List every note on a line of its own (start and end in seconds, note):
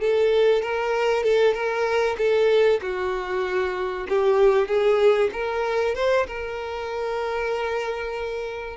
0.00 0.62 A4
0.62 1.23 A#4
1.23 1.53 A4
1.53 2.16 A#4
2.17 2.80 A4
2.82 4.07 F#4
4.08 4.67 G4
4.67 5.30 G#4
5.32 5.95 A#4
5.95 6.26 C5
6.26 8.76 A#4